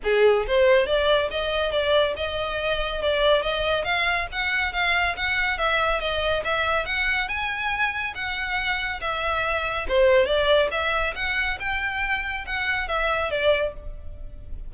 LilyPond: \new Staff \with { instrumentName = "violin" } { \time 4/4 \tempo 4 = 140 gis'4 c''4 d''4 dis''4 | d''4 dis''2 d''4 | dis''4 f''4 fis''4 f''4 | fis''4 e''4 dis''4 e''4 |
fis''4 gis''2 fis''4~ | fis''4 e''2 c''4 | d''4 e''4 fis''4 g''4~ | g''4 fis''4 e''4 d''4 | }